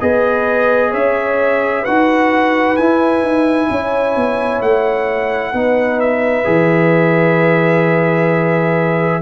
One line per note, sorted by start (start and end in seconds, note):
0.00 0.93 B3
0.00 1.85 G#4
0.00 0.90 B4
0.00 0.92 D#5
0.90 1.86 C#4
0.90 1.82 C#5
0.90 1.85 E5
1.82 2.78 D#4
1.82 2.78 F#4
1.82 3.67 B4
1.82 2.76 F#5
2.76 3.22 E4
2.76 5.54 E4
2.76 4.61 G#5
3.22 3.68 D#4
3.70 4.16 C#4
3.70 5.52 C#5
4.16 4.61 B3
4.61 5.53 A3
4.61 6.00 F#5
5.52 6.45 B3
5.52 6.44 D#4
5.52 9.21 B4
6.00 9.21 E5
6.44 9.21 E3
6.44 9.21 G#4